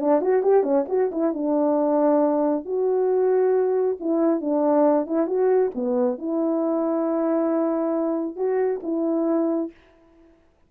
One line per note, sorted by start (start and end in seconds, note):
0.00 0.21 D4
0.21 0.43 F#4
0.43 0.63 G4
0.63 0.85 C#4
0.88 1.10 F#4
1.11 1.33 E4
1.33 2.65 D4
2.65 3.97 F#4
4.00 4.41 E4
4.41 5.06 D4
5.06 5.27 E4
5.27 5.71 F#4
5.75 6.18 B3
6.18 8.36 E4
8.36 8.80 F#4
8.83 9.71 E4